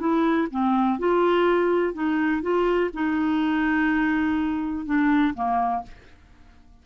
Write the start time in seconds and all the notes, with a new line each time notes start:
0.00 E4
0.51 C4
0.99 F4
1.94 D#4
2.42 F4
2.94 D#4
4.86 D4
5.35 A#3